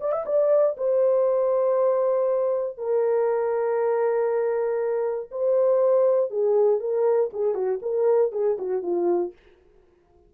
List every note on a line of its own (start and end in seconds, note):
0.00 0.11 D5
0.11 0.24 E5
0.25 0.76 D5
0.77 2.77 C5
2.77 5.29 A#4
5.31 6.30 C5
6.30 6.80 G#4
6.80 7.30 A#4
7.33 7.54 G#4
7.54 7.79 F#4
7.82 8.32 A#4
8.32 8.57 G#4
8.58 8.82 F#4
8.82 9.32 F4